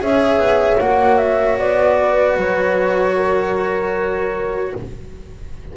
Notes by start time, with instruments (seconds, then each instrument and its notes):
0.00 double bass C#4, cello G#4, horn C#5, flute E5
0.38 double bass B3
0.80 double bass A#3, cello F#4, flute F#5
1.18 flute E5
1.59 double bass B3, flute D5
2.00 horn B4
2.36 double bass F#3, flute C#5
3.16 horn A#4